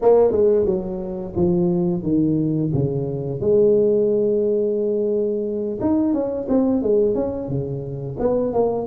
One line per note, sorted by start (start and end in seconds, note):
0.01 0.31 A#3
0.31 0.65 G#3
0.65 1.33 F#3
1.36 2.03 F3
2.03 2.71 D#3
2.73 3.40 C#3
3.40 5.79 G#3
5.80 6.13 D#4
6.13 6.47 C#4
6.48 6.82 C4
6.82 7.14 G#3
7.14 7.48 C#4
7.48 8.16 C#3
8.18 8.53 B3
8.53 8.86 A#3